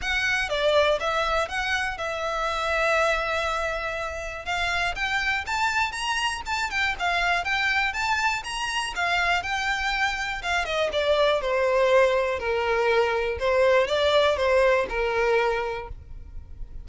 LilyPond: \new Staff \with { instrumentName = "violin" } { \time 4/4 \tempo 4 = 121 fis''4 d''4 e''4 fis''4 | e''1~ | e''4 f''4 g''4 a''4 | ais''4 a''8 g''8 f''4 g''4 |
a''4 ais''4 f''4 g''4~ | g''4 f''8 dis''8 d''4 c''4~ | c''4 ais'2 c''4 | d''4 c''4 ais'2 | }